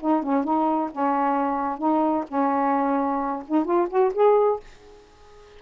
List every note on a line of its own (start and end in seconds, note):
0.00 0.23 D#4
0.23 0.44 C#4
0.44 0.90 D#4
0.91 1.78 C#4
1.78 2.24 D#4
2.28 3.43 C#4
3.48 3.65 D#4
3.65 3.88 F4
3.90 4.13 F#4
4.14 4.60 G#4